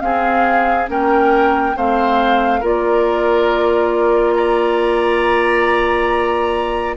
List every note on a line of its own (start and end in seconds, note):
0.00 0.87 C4
0.00 0.88 C4
0.00 0.90 G#4
0.00 0.87 F5
0.87 1.75 A#3
0.87 1.74 C#4
0.87 1.76 A#4
0.87 1.77 G5
1.75 2.62 A3
1.75 2.61 C4
1.75 2.60 C5
1.75 2.64 F5
2.60 6.97 A#3
2.60 6.96 F4
2.60 4.34 A#4
2.60 4.34 D5
4.34 6.97 D5
4.34 6.94 A#5